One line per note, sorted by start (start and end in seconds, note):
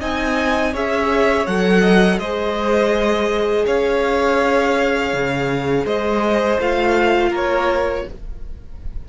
0.00 0.75 C4
0.00 0.73 D#4
0.00 0.73 D#5
0.00 0.75 G#5
0.73 1.47 C#4
0.73 1.47 G#4
0.73 1.81 C#5
0.73 1.47 E5
1.47 2.19 F#3
1.47 2.21 A4
1.47 2.19 F#5
1.81 2.18 D#5
2.19 3.65 G#3
2.19 6.59 G#4
2.19 3.66 C5
2.19 3.65 D#5
3.66 5.14 C#4
3.66 5.85 C#5
3.66 5.87 F5
5.14 5.86 C#3
5.85 6.59 G#3
5.85 7.29 C5
5.85 6.60 D#5
6.59 7.31 A3
6.59 8.06 F4
6.59 7.35 F5
7.29 8.04 A#3
7.29 8.03 A#4
7.36 8.09 C#5